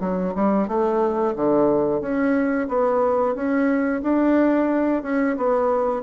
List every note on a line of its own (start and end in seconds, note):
0.00 0.33 F#3
0.35 0.67 G3
0.67 1.34 A3
1.35 2.01 D3
2.01 2.68 C#4
2.68 3.35 B3
3.35 4.01 C#4
4.02 5.02 D4
5.02 5.36 C#4
5.37 6.02 B3